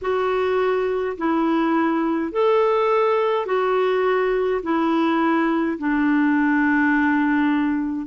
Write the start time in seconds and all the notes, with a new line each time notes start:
0.01 F#4
1.17 E4
2.31 A4
3.46 F#4
4.62 E4
5.78 D4